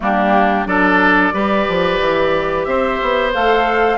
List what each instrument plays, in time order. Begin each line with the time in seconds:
0.00 bassoon G3, clarinet A#3, oboe D4, flute G4
0.66 bassoon F#3, clarinet D4, oboe A4, flute D5
1.32 bassoon G3, clarinet G4, oboe B4
1.68 bassoon F3
2.00 bassoon E3
2.64 bassoon C4, oboe C5, flute E5
3.02 bassoon B3
3.33 bassoon A3, clarinet A4, flute F5